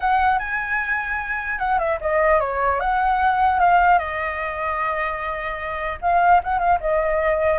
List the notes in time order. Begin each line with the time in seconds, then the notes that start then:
0.00 F#5
0.39 G#5
1.59 F#5
1.79 E5
2.01 D#5
2.39 C#5
2.79 F#5
3.59 F5
3.98 D#5
6.01 F5
6.43 F#5
6.58 F5
6.80 D#5